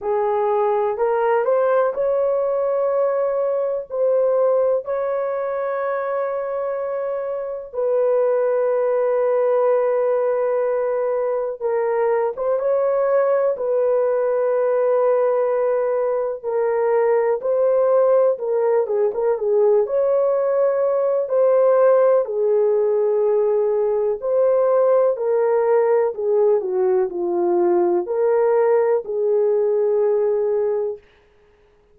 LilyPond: \new Staff \with { instrumentName = "horn" } { \time 4/4 \tempo 4 = 62 gis'4 ais'8 c''8 cis''2 | c''4 cis''2. | b'1 | ais'8. c''16 cis''4 b'2~ |
b'4 ais'4 c''4 ais'8 gis'16 ais'16 | gis'8 cis''4. c''4 gis'4~ | gis'4 c''4 ais'4 gis'8 fis'8 | f'4 ais'4 gis'2 | }